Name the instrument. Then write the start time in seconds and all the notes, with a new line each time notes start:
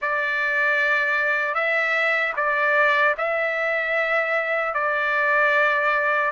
trumpet
0.01 D5
1.54 E5
2.36 D5
3.17 E5
4.74 D5